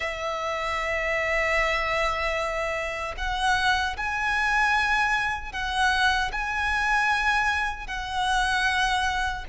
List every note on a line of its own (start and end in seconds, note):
0.00 3.14 E5
3.17 3.96 F#5
3.97 5.52 G#5
5.52 6.31 F#5
6.32 7.87 G#5
7.87 9.44 F#5